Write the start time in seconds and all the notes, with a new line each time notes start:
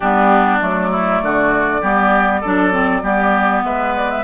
0.00 G3 B3 D4 G4
0.60 F#3 A3 D5
0.91 E4
1.22 D3 F#4
1.81 G3 B3 G4
2.40 F#3 D4 A4
2.71 C4
3.02 G3 B3 G4
3.63 G#3 B4 E5
3.96 D5
4.10 E5